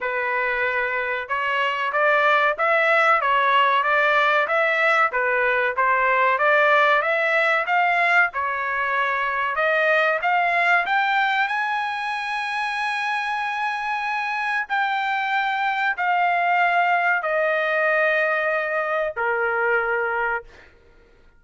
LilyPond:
\new Staff \with { instrumentName = "trumpet" } { \time 4/4 \tempo 4 = 94 b'2 cis''4 d''4 | e''4 cis''4 d''4 e''4 | b'4 c''4 d''4 e''4 | f''4 cis''2 dis''4 |
f''4 g''4 gis''2~ | gis''2. g''4~ | g''4 f''2 dis''4~ | dis''2 ais'2 | }